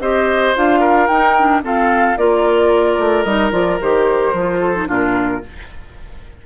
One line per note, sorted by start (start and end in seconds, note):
0.00 0.54 C4
0.00 0.55 G4
0.00 0.80 C5
0.00 0.55 D#5
0.55 1.08 D4
0.55 1.09 F4
0.55 1.07 F5
0.80 1.61 A#4
1.07 1.62 D#4
1.07 1.37 D#4
1.07 1.61 G5
1.38 1.62 D4
1.62 2.16 C4
1.62 2.17 F4
1.62 2.18 A4
1.62 2.17 F5
2.17 2.98 A#3
2.17 3.26 F4
2.17 4.60 A#4
2.17 3.24 D5
2.98 3.25 A3
3.24 3.52 G3
3.24 3.52 D#4
3.24 3.51 D#5
3.52 3.79 F3
3.52 3.79 F4
3.52 3.79 D5
3.81 4.33 D#3
3.81 4.35 G4
3.81 4.89 C5
4.33 4.87 F3
4.33 4.75 F4
4.60 4.87 A4
4.75 4.87 D#4
4.87 5.43 A#2
4.87 5.41 D4
4.87 5.42 F4
4.87 5.46 A#4